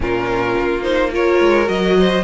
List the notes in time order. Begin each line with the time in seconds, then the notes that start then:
0.00 A#2 C#4 F4 A#4
0.58 A#3
0.82 D#4 C5
1.12 F4 A#4 C#5
1.40 G#3
1.65 F#3 F#4 D#5
1.99 C5